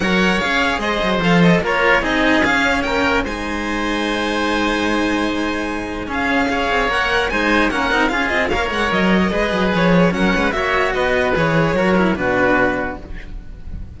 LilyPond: <<
  \new Staff \with { instrumentName = "violin" } { \time 4/4 \tempo 4 = 148 fis''4 f''4 dis''4 f''8 dis''8 | cis''4 dis''4 f''4 g''4 | gis''1~ | gis''2. f''4~ |
f''4 fis''4 gis''4 fis''4 | f''8 dis''8 f''8 fis''8 dis''2 | cis''4 fis''4 e''4 dis''4 | cis''2 b'2 | }
  \new Staff \with { instrumentName = "oboe" } { \time 4/4 cis''2 c''2 | ais'4 gis'2 ais'4 | c''1~ | c''2. gis'4 |
cis''2 c''4 ais'4 | gis'4 cis''2 b'4~ | b'4 ais'8 b'8 cis''4 b'4~ | b'4 ais'4 fis'2 | }
  \new Staff \with { instrumentName = "cello" } { \time 4/4 ais'4 gis'2 a'4 | f'4 dis'4 cis'2 | dis'1~ | dis'2. cis'4 |
gis'4 ais'4 dis'4 cis'8 dis'8 | f'4 ais'2 gis'4~ | gis'4 cis'4 fis'2 | gis'4 fis'8 e'8 d'2 | }
  \new Staff \with { instrumentName = "cello" } { \time 4/4 fis4 cis'4 gis8 fis8 f4 | ais4 c'4 cis'4 ais4 | gis1~ | gis2. cis'4~ |
cis'8 c'8 ais4 gis4 ais8 c'8 | cis'8 c'8 ais8 gis8 fis4 gis8 fis8 | f4 fis8 gis8 ais4 b4 | e4 fis4 b,2 | }
>>